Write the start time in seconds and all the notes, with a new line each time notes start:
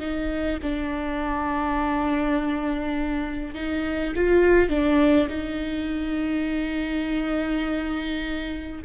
0.00 D#4
0.63 D4
3.55 D#4
4.16 F4
4.70 D4
5.29 D#4